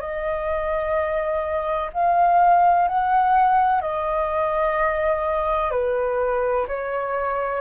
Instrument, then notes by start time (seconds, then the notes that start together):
flute
0.00 D#5
1.94 F5
2.88 F#5
3.81 D#5
5.71 B4
6.68 C#5